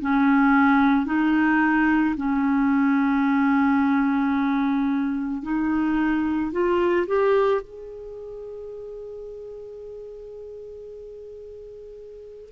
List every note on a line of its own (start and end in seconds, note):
0.00 1.06 C#4
1.06 2.15 D#4
2.16 5.42 C#4
5.42 6.52 D#4
6.52 7.06 F4
7.07 7.61 G4
7.61 12.52 G#4